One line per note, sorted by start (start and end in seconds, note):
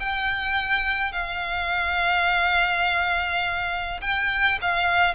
0.00 1.12 G5
1.12 4.01 F5
4.01 4.59 G5
4.62 5.15 F5